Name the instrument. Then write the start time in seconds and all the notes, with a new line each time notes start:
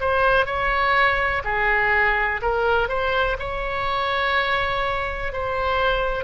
oboe
0.00 C5
0.46 C#5
1.44 G#4
2.42 A#4
2.89 C5
3.39 C#5
5.33 C5